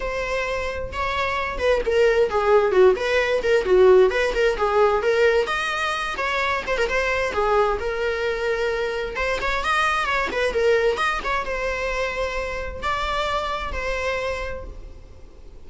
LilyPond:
\new Staff \with { instrumentName = "viola" } { \time 4/4 \tempo 4 = 131 c''2 cis''4. b'8 | ais'4 gis'4 fis'8 b'4 ais'8 | fis'4 b'8 ais'8 gis'4 ais'4 | dis''4. cis''4 c''16 ais'16 c''4 |
gis'4 ais'2. | c''8 cis''8 dis''4 cis''8 b'8 ais'4 | dis''8 cis''8 c''2. | d''2 c''2 | }